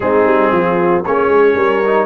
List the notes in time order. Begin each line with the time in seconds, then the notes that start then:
0.00 G#3 C4 D#4 G#4
0.25 G3
0.51 F3 F4
1.04 A#3 C#4 G#4 C#5
1.28 G#3
1.55 G3 A#4
1.84 D#4